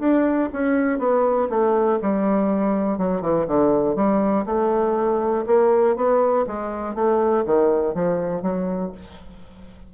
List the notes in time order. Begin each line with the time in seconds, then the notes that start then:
0.00 D4
0.53 C#4
0.99 B3
1.50 A3
2.02 G3
2.98 F#3
3.21 E3
3.48 D3
3.96 G3
4.46 A3
5.47 A#3
5.96 B3
6.47 G#3
6.95 A3
7.46 D#3
7.95 F3
8.43 F#3